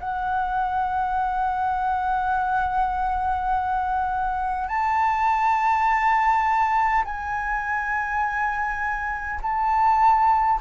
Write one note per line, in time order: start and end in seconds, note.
0.00 4.68 F#5
4.68 7.04 A5
7.05 9.40 G#5
9.42 10.60 A5